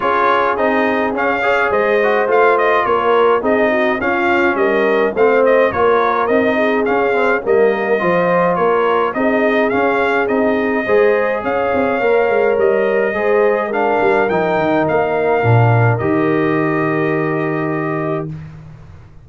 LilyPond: <<
  \new Staff \with { instrumentName = "trumpet" } { \time 4/4 \tempo 4 = 105 cis''4 dis''4 f''4 dis''4 | f''8 dis''8 cis''4 dis''4 f''4 | dis''4 f''8 dis''8 cis''4 dis''4 | f''4 dis''2 cis''4 |
dis''4 f''4 dis''2 | f''2 dis''2 | f''4 g''4 f''2 | dis''1 | }
  \new Staff \with { instrumentName = "horn" } { \time 4/4 gis'2~ gis'8 cis''8 c''4~ | c''4 ais'4 gis'8 fis'8 f'4 | ais'4 c''4 ais'4. gis'8~ | gis'4 ais'4 c''4 ais'4 |
gis'2. c''4 | cis''2. c''4 | ais'1~ | ais'1 | }
  \new Staff \with { instrumentName = "trombone" } { \time 4/4 f'4 dis'4 cis'8 gis'4 fis'8 | f'2 dis'4 cis'4~ | cis'4 c'4 f'4 dis'4 | cis'8 c'8 ais4 f'2 |
dis'4 cis'4 dis'4 gis'4~ | gis'4 ais'2 gis'4 | d'4 dis'2 d'4 | g'1 | }
  \new Staff \with { instrumentName = "tuba" } { \time 4/4 cis'4 c'4 cis'4 gis4 | a4 ais4 c'4 cis'4 | g4 a4 ais4 c'4 | cis'4 g4 f4 ais4 |
c'4 cis'4 c'4 gis4 | cis'8 c'8 ais8 gis8 g4 gis4~ | gis8 g8 f8 dis8 ais4 ais,4 | dis1 | }
>>